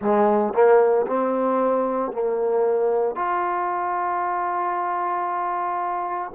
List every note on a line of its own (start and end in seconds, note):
0.00 0.53 G#3
0.53 1.06 A#3
1.06 2.11 C4
2.11 3.15 A#3
3.15 6.31 F4